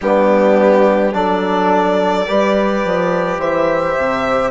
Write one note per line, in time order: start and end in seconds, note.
0.01 1.13 G3
0.01 1.12 B3
0.01 1.14 D4
0.01 1.14 G4
1.12 2.27 F#3
1.12 2.25 D4
1.12 2.27 A4
1.12 3.41 D5
2.26 2.84 G3
2.26 4.50 G4
2.26 3.39 B4
2.84 3.37 F3
3.37 3.94 E3
3.37 4.50 C5
3.37 4.50 E5
3.97 4.50 C3